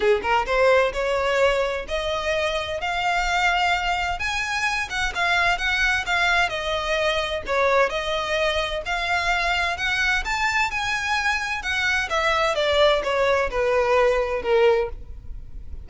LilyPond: \new Staff \with { instrumentName = "violin" } { \time 4/4 \tempo 4 = 129 gis'8 ais'8 c''4 cis''2 | dis''2 f''2~ | f''4 gis''4. fis''8 f''4 | fis''4 f''4 dis''2 |
cis''4 dis''2 f''4~ | f''4 fis''4 a''4 gis''4~ | gis''4 fis''4 e''4 d''4 | cis''4 b'2 ais'4 | }